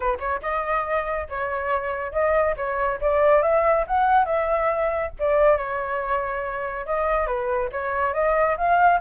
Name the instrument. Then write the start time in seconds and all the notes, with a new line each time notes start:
flute
0.00 B4
0.19 C#5
0.41 D#5
1.29 C#5
2.11 D#5
2.57 C#5
3.00 D5
3.42 E5
3.87 F#5
4.25 E5
5.19 D5
5.57 C#5
6.86 D#5
7.26 B4
7.71 C#5
8.13 D#5
8.57 F5